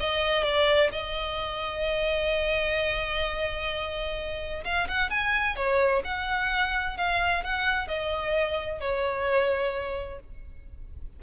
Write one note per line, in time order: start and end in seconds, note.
0.00 0.44 D#5
0.44 0.90 D5
0.92 4.64 D#5
4.65 4.88 F5
4.88 5.10 F#5
5.10 5.56 G#5
5.56 6.03 C#5
6.05 6.98 F#5
6.98 7.44 F5
7.44 7.88 F#5
7.88 8.81 D#5
8.81 10.20 C#5